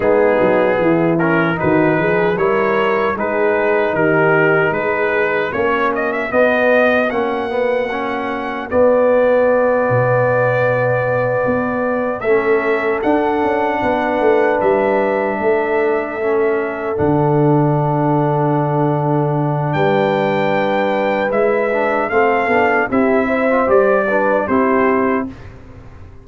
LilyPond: <<
  \new Staff \with { instrumentName = "trumpet" } { \time 4/4 \tempo 4 = 76 gis'4. ais'8 b'4 cis''4 | b'4 ais'4 b'4 cis''8 dis''16 e''16 | dis''4 fis''2 d''4~ | d''2.~ d''8 e''8~ |
e''8 fis''2 e''4.~ | e''4. fis''2~ fis''8~ | fis''4 g''2 e''4 | f''4 e''4 d''4 c''4 | }
  \new Staff \with { instrumentName = "horn" } { \time 4/4 dis'4 e'4 fis'8 gis'8 ais'4 | gis'4 g'4 gis'4 fis'4~ | fis'1~ | fis'2.~ fis'8 a'8~ |
a'4. b'2 a'8~ | a'1~ | a'4 b'2. | a'4 g'8 c''4 b'8 g'4 | }
  \new Staff \with { instrumentName = "trombone" } { \time 4/4 b4. cis'8 dis'4 e'4 | dis'2. cis'4 | b4 cis'8 b8 cis'4 b4~ | b2.~ b8 cis'8~ |
cis'8 d'2.~ d'8~ | d'8 cis'4 d'2~ d'8~ | d'2. e'8 d'8 | c'8 d'8 e'8. f'16 g'8 d'8 e'4 | }
  \new Staff \with { instrumentName = "tuba" } { \time 4/4 gis8 fis8 e4 dis8 f8 g4 | gis4 dis4 gis4 ais4 | b4 ais2 b4~ | b8 b,2 b4 a8~ |
a8 d'8 cis'8 b8 a8 g4 a8~ | a4. d2~ d8~ | d4 g2 gis4 | a8 b8 c'4 g4 c'4 | }
>>